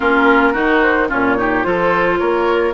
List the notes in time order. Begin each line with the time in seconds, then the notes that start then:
0.00 A#3 C#4 F4 A#4
0.52 D#3 D#4 F#4
0.82 C5
1.08 A#2 C#4 F4 C#5
1.36 D#4 G4
1.63 F3 F4 A4 C5
2.18 A#3 A#4 C#5